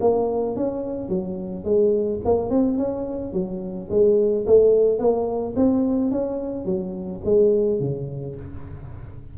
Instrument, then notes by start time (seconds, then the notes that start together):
tuba
0.00 A#3
0.56 C#4
1.09 F#3
1.64 G#3
2.24 A#3
2.49 C4
2.77 C#4
3.32 F#3
3.90 G#3
4.46 A3
4.98 A#3
5.56 C4
6.11 C#4
6.65 F#3
7.24 G#3
7.80 C#3